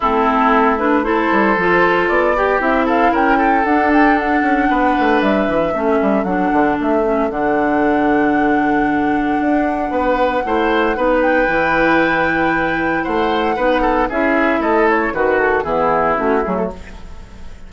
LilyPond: <<
  \new Staff \with { instrumentName = "flute" } { \time 4/4 \tempo 4 = 115 a'4. b'8 c''2 | d''4 e''8 f''8 g''4 fis''8 g''8 | fis''2 e''2 | fis''4 e''4 fis''2~ |
fis''1~ | fis''4. g''2~ g''8~ | g''4 fis''2 e''4 | dis''8 cis''8 b'8 a'8 gis'4 fis'8 gis'16 a'16 | }
  \new Staff \with { instrumentName = "oboe" } { \time 4/4 e'2 a'2~ | a'8 g'4 a'8 ais'8 a'4.~ | a'4 b'2 a'4~ | a'1~ |
a'2. b'4 | c''4 b'2.~ | b'4 c''4 b'8 a'8 gis'4 | a'4 fis'4 e'2 | }
  \new Staff \with { instrumentName = "clarinet" } { \time 4/4 c'4. d'8 e'4 f'4~ | f'8 g'8 e'2 d'4~ | d'2. cis'4 | d'4. cis'8 d'2~ |
d'1 | e'4 dis'4 e'2~ | e'2 dis'4 e'4~ | e'4 fis'4 b4 cis'8 a8 | }
  \new Staff \with { instrumentName = "bassoon" } { \time 4/4 a2~ a8 g8 f4 | b4 c'4 cis'4 d'4~ | d'8 cis'8 b8 a8 g8 e8 a8 g8 | fis8 d8 a4 d2~ |
d2 d'4 b4 | a4 b4 e2~ | e4 a4 b4 cis'4 | a4 dis4 e4 a8 fis8 | }
>>